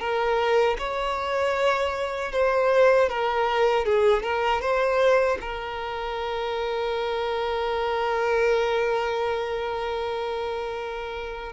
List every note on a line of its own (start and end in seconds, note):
0.00 0.77 A#4
0.78 2.32 C#5
2.32 3.09 C5
3.09 3.85 A#4
3.85 4.23 G#4
4.23 4.61 A#4
4.61 5.38 C5
5.41 11.53 A#4